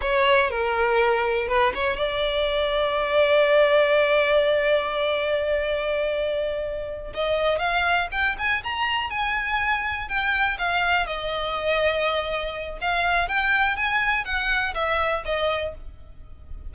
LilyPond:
\new Staff \with { instrumentName = "violin" } { \time 4/4 \tempo 4 = 122 cis''4 ais'2 b'8 cis''8 | d''1~ | d''1~ | d''2~ d''8 dis''4 f''8~ |
f''8 g''8 gis''8 ais''4 gis''4.~ | gis''8 g''4 f''4 dis''4.~ | dis''2 f''4 g''4 | gis''4 fis''4 e''4 dis''4 | }